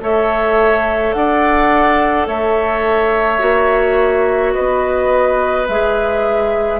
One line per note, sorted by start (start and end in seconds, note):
0.00 1.13 A3
0.00 3.38 A4
0.00 1.15 C#5
0.00 1.13 E5
1.13 2.27 D4
1.13 2.27 D5
1.13 2.26 F#5
2.27 3.40 A3
2.27 4.53 C#5
2.27 4.53 E5
3.38 4.54 A#3
3.38 5.65 F#4
4.53 5.68 B3
4.53 6.79 B4
4.53 5.66 D#5
5.67 6.79 G#3
5.67 6.79 G#4
5.67 6.79 E5